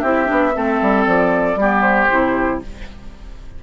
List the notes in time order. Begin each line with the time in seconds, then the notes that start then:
0.00 C4 E4 G4 E5
0.26 B3 D4
0.55 A3 C4 A4
0.82 G3
1.06 F3 D5
1.56 G3 B3 G4
1.82 C5
2.10 C3 E4